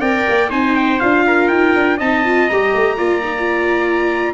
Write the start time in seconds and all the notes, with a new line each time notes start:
0.00 C4 A#4 D5 G5
0.29 A#3
0.50 C4 D#4 C5 G#5
0.76 G5
0.99 D4 F4 F5
1.27 A#4
1.48 D#4 G5
1.75 D4
1.97 C4 D#4 D#5 A5
2.25 F4
2.49 G3 G4 A#5
2.74 A3
2.97 A#3 F4 D5
3.23 D#4
3.39 F4